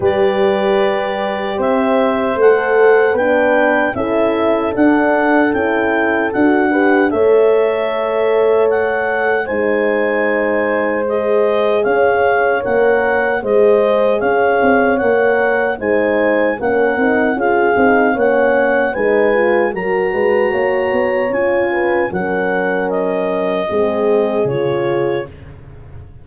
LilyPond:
<<
  \new Staff \with { instrumentName = "clarinet" } { \time 4/4 \tempo 4 = 76 d''2 e''4 fis''4 | g''4 e''4 fis''4 g''4 | fis''4 e''2 fis''4 | gis''2 dis''4 f''4 |
fis''4 dis''4 f''4 fis''4 | gis''4 fis''4 f''4 fis''4 | gis''4 ais''2 gis''4 | fis''4 dis''2 cis''4 | }
  \new Staff \with { instrumentName = "horn" } { \time 4/4 b'2 c''2 | b'4 a'2.~ | a'8 b'8 cis''2. | c''2. cis''4~ |
cis''4 c''4 cis''2 | c''4 ais'4 gis'4 cis''4 | b'4 ais'8 b'8 cis''4. b'8 | ais'2 gis'2 | }
  \new Staff \with { instrumentName = "horn" } { \time 4/4 g'2. a'4 | d'4 e'4 d'4 e'4 | fis'8 g'8 a'2. | dis'2 gis'2 |
ais'4 gis'2 ais'4 | dis'4 cis'8 dis'8 f'8 dis'8 cis'4 | dis'8 f'8 fis'2 f'4 | cis'2 c'4 f'4 | }
  \new Staff \with { instrumentName = "tuba" } { \time 4/4 g2 c'4 a4 | b4 cis'4 d'4 cis'4 | d'4 a2. | gis2. cis'4 |
ais4 gis4 cis'8 c'8 ais4 | gis4 ais8 c'8 cis'8 c'8 ais4 | gis4 fis8 gis8 ais8 b8 cis'4 | fis2 gis4 cis4 | }
>>